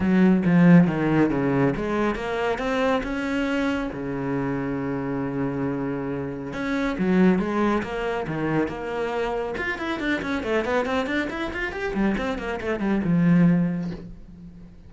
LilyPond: \new Staff \with { instrumentName = "cello" } { \time 4/4 \tempo 4 = 138 fis4 f4 dis4 cis4 | gis4 ais4 c'4 cis'4~ | cis'4 cis2.~ | cis2. cis'4 |
fis4 gis4 ais4 dis4 | ais2 f'8 e'8 d'8 cis'8 | a8 b8 c'8 d'8 e'8 f'8 g'8 g8 | c'8 ais8 a8 g8 f2 | }